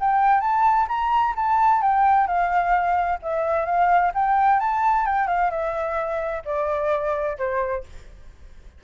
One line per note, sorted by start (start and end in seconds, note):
0.00 0.41 G5
0.41 0.87 A5
0.88 1.34 A#5
1.36 1.82 A5
1.82 2.27 G5
2.27 3.19 F5
3.22 3.65 E5
3.65 4.12 F5
4.14 4.60 G5
4.60 5.06 A5
5.06 5.27 G5
5.27 5.50 F5
5.50 6.43 E5
6.45 7.37 D5
7.38 7.84 C5